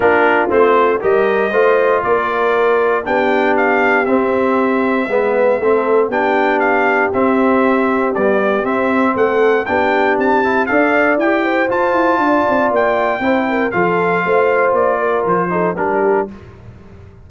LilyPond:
<<
  \new Staff \with { instrumentName = "trumpet" } { \time 4/4 \tempo 4 = 118 ais'4 c''4 dis''2 | d''2 g''4 f''4 | e''1 | g''4 f''4 e''2 |
d''4 e''4 fis''4 g''4 | a''4 f''4 g''4 a''4~ | a''4 g''2 f''4~ | f''4 d''4 c''4 ais'4 | }
  \new Staff \with { instrumentName = "horn" } { \time 4/4 f'2 ais'4 c''4 | ais'2 g'2~ | g'2 b'4 a'4 | g'1~ |
g'2 a'4 g'4~ | g'4 d''4. c''4. | d''2 c''8 ais'8 a'4 | c''4. ais'4 a'8 g'4 | }
  \new Staff \with { instrumentName = "trombone" } { \time 4/4 d'4 c'4 g'4 f'4~ | f'2 d'2 | c'2 b4 c'4 | d'2 c'2 |
g4 c'2 d'4~ | d'8 e'8 a'4 g'4 f'4~ | f'2 e'4 f'4~ | f'2~ f'8 dis'8 d'4 | }
  \new Staff \with { instrumentName = "tuba" } { \time 4/4 ais4 a4 g4 a4 | ais2 b2 | c'2 gis4 a4 | b2 c'2 |
b4 c'4 a4 b4 | c'4 d'4 e'4 f'8 e'8 | d'8 c'8 ais4 c'4 f4 | a4 ais4 f4 g4 | }
>>